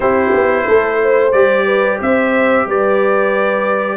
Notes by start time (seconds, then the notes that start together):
0.00 C4 E4 G4 C5
0.33 B3
0.67 A3 A4
1.02 C5
1.32 G3 G4 D5
1.65 B4
2.00 C4 C5 E5
2.66 G3 B4 D5